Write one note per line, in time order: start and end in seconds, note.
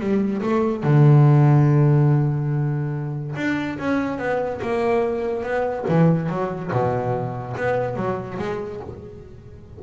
0.00 0.42 G3
0.42 0.84 A3
0.84 3.35 D3
3.36 3.78 D4
3.79 4.19 C#4
4.19 4.61 B3
4.62 5.43 A#3
5.43 5.85 B3
5.89 6.29 E3
6.29 6.71 F#3
6.72 7.56 B2
7.57 7.96 B3
7.96 8.38 F#3
8.39 8.81 G#3